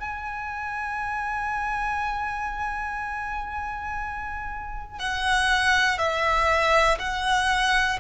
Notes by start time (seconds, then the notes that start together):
0.00 G#5
4.99 F#5
5.99 E5
7.00 F#5